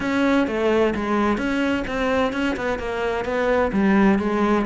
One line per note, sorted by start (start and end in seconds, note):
0.00 0.47 C#4
0.47 0.93 A3
0.95 1.37 G#3
1.37 1.84 C#4
1.87 2.33 C4
2.33 2.56 C#4
2.56 2.78 B3
2.78 3.24 A#3
3.24 3.71 B3
3.72 4.18 G3
4.19 4.65 G#3